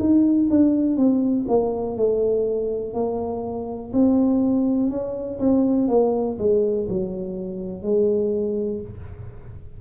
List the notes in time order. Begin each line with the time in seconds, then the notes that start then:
0.00 D#4
0.51 D4
0.97 C4
1.48 A#3
1.97 A3
2.94 A#3
3.93 C4
4.90 C#4
5.40 C4
5.88 A#3
6.39 G#3
6.89 F#3
7.83 G#3